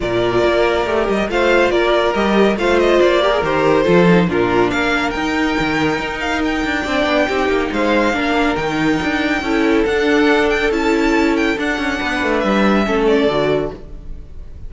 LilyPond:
<<
  \new Staff \with { instrumentName = "violin" } { \time 4/4 \tempo 4 = 140 d''2~ d''8 dis''8 f''4 | d''4 dis''4 f''8 dis''8 d''4 | c''2 ais'4 f''4 | g''2~ g''8 f''8 g''4~ |
g''2 f''2 | g''2. fis''4~ | fis''8 g''8 a''4. g''8 fis''4~ | fis''4 e''4. d''4. | }
  \new Staff \with { instrumentName = "violin" } { \time 4/4 ais'2. c''4 | ais'2 c''4. ais'8~ | ais'4 a'4 f'4 ais'4~ | ais'1 |
d''4 g'4 c''4 ais'4~ | ais'2 a'2~ | a'1 | b'2 a'2 | }
  \new Staff \with { instrumentName = "viola" } { \time 4/4 f'2 g'4 f'4~ | f'4 g'4 f'4. g'16 gis'16 | g'4 f'8 dis'8 d'2 | dis'1 |
d'4 dis'2 d'4 | dis'2 e'4 d'4~ | d'4 e'2 d'4~ | d'2 cis'4 fis'4 | }
  \new Staff \with { instrumentName = "cello" } { \time 4/4 ais,4 ais4 a8 g8 a4 | ais4 g4 a4 ais4 | dis4 f4 ais,4 ais4 | dis'4 dis4 dis'4. d'8 |
c'8 b8 c'8 ais8 gis4 ais4 | dis4 d'4 cis'4 d'4~ | d'4 cis'2 d'8 cis'8 | b8 a8 g4 a4 d4 | }
>>